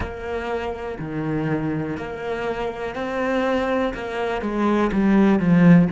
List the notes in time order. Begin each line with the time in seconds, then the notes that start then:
0.00 A#3
0.99 D#3
1.97 A#3
2.95 C4
3.94 A#3
4.41 G#3
4.92 G3
5.39 F3